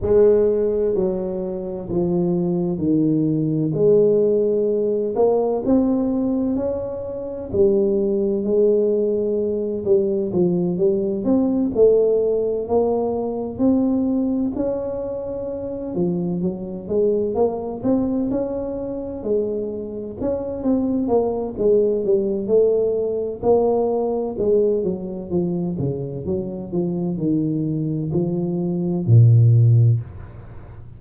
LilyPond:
\new Staff \with { instrumentName = "tuba" } { \time 4/4 \tempo 4 = 64 gis4 fis4 f4 dis4 | gis4. ais8 c'4 cis'4 | g4 gis4. g8 f8 g8 | c'8 a4 ais4 c'4 cis'8~ |
cis'4 f8 fis8 gis8 ais8 c'8 cis'8~ | cis'8 gis4 cis'8 c'8 ais8 gis8 g8 | a4 ais4 gis8 fis8 f8 cis8 | fis8 f8 dis4 f4 ais,4 | }